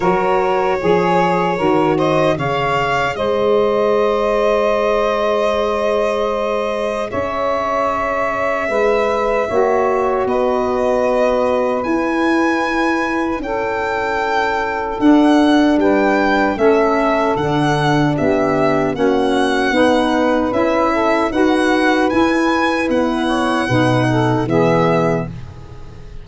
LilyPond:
<<
  \new Staff \with { instrumentName = "violin" } { \time 4/4 \tempo 4 = 76 cis''2~ cis''8 dis''8 f''4 | dis''1~ | dis''4 e''2.~ | e''4 dis''2 gis''4~ |
gis''4 g''2 fis''4 | g''4 e''4 fis''4 e''4 | fis''2 e''4 fis''4 | gis''4 fis''2 e''4 | }
  \new Staff \with { instrumentName = "saxophone" } { \time 4/4 ais'4 gis'4 ais'8 c''8 cis''4 | c''1~ | c''4 cis''2 b'4 | cis''4 b'2.~ |
b'4 a'2. | b'4 a'2 g'4 | fis'4 b'4. a'8 b'4~ | b'4. cis''8 b'8 a'8 gis'4 | }
  \new Staff \with { instrumentName = "saxophone" } { \time 4/4 fis'4 gis'4 fis'4 gis'4~ | gis'1~ | gis'1 | fis'2. e'4~ |
e'2. d'4~ | d'4 cis'4 d'2 | cis'4 dis'4 e'4 fis'4 | e'2 dis'4 b4 | }
  \new Staff \with { instrumentName = "tuba" } { \time 4/4 fis4 f4 dis4 cis4 | gis1~ | gis4 cis'2 gis4 | ais4 b2 e'4~ |
e'4 cis'2 d'4 | g4 a4 d4 b4 | ais4 b4 cis'4 dis'4 | e'4 b4 b,4 e4 | }
>>